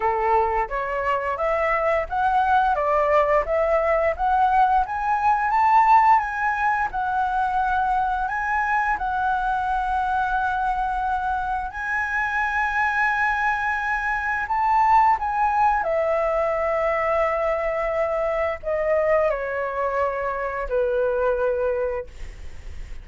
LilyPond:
\new Staff \with { instrumentName = "flute" } { \time 4/4 \tempo 4 = 87 a'4 cis''4 e''4 fis''4 | d''4 e''4 fis''4 gis''4 | a''4 gis''4 fis''2 | gis''4 fis''2.~ |
fis''4 gis''2.~ | gis''4 a''4 gis''4 e''4~ | e''2. dis''4 | cis''2 b'2 | }